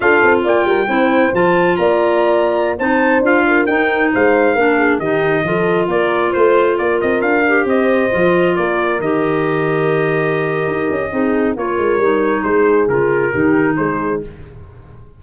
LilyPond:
<<
  \new Staff \with { instrumentName = "trumpet" } { \time 4/4 \tempo 4 = 135 f''4 g''2 a''4 | ais''2~ ais''16 a''4 f''8.~ | f''16 g''4 f''2 dis''8.~ | dis''4~ dis''16 d''4 c''4 d''8 dis''16~ |
dis''16 f''4 dis''2 d''8.~ | d''16 dis''2.~ dis''8.~ | dis''2 cis''2 | c''4 ais'2 c''4 | }
  \new Staff \with { instrumentName = "horn" } { \time 4/4 a'4 d''8 ais'8 c''2 | d''2~ d''16 c''4. ais'16~ | ais'4~ ais'16 c''4 ais'8 gis'8 g'8.~ | g'16 a'4 ais'4 c''4 ais'8.~ |
ais'4~ ais'16 c''2 ais'8.~ | ais'1~ | ais'4 gis'4 ais'2 | gis'2 g'4 gis'4 | }
  \new Staff \with { instrumentName = "clarinet" } { \time 4/4 f'2 e'4 f'4~ | f'2~ f'16 dis'4 f'8.~ | f'16 dis'2 d'4 dis'8.~ | dis'16 f'2.~ f'8.~ |
f'8. g'4. f'4.~ f'16~ | f'16 g'2.~ g'8.~ | g'4 dis'4 f'4 dis'4~ | dis'4 f'4 dis'2 | }
  \new Staff \with { instrumentName = "tuba" } { \time 4/4 d'8 c'8 ais8 g8 c'4 f4 | ais2~ ais16 c'4 d'8.~ | d'16 dis'4 gis4 ais4 dis8.~ | dis16 f4 ais4 a4 ais8 c'16~ |
c'16 d'4 c'4 f4 ais8.~ | ais16 dis2.~ dis8. | dis'8 cis'8 c'4 ais8 gis8 g4 | gis4 cis4 dis4 gis4 | }
>>